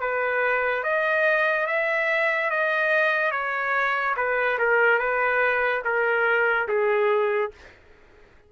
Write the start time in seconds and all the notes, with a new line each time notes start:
0.00 B4
0.83 D#5
1.67 E5
2.50 D#5
3.31 C#5
4.17 B4
4.58 A#4
4.99 B4
5.84 A#4
6.68 G#4